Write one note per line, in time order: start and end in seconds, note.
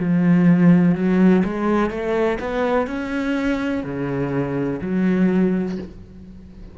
0.00 0.95 F3
0.95 1.44 F#3
1.45 1.90 G#3
1.90 2.39 A3
2.40 2.87 B3
2.87 3.84 C#4
3.84 4.81 C#3
4.82 5.78 F#3